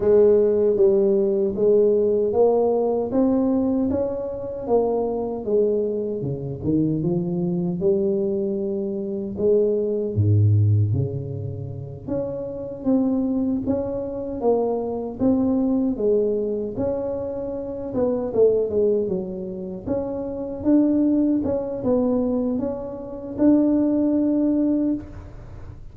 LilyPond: \new Staff \with { instrumentName = "tuba" } { \time 4/4 \tempo 4 = 77 gis4 g4 gis4 ais4 | c'4 cis'4 ais4 gis4 | cis8 dis8 f4 g2 | gis4 gis,4 cis4. cis'8~ |
cis'8 c'4 cis'4 ais4 c'8~ | c'8 gis4 cis'4. b8 a8 | gis8 fis4 cis'4 d'4 cis'8 | b4 cis'4 d'2 | }